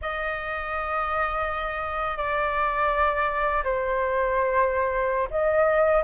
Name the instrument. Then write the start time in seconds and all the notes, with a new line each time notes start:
flute
0.01 D#5
2.17 D5
3.64 C5
5.30 D#5